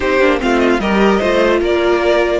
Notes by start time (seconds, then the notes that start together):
0.00 C4 D#4 G4 C5
0.20 A#3 D4
0.39 A3 C4 F4 F5
0.59 D#5
0.70 F5
0.79 G3 G4 A#4 D#5
1.19 A3 F4 C5
1.60 A#3 A#4 D5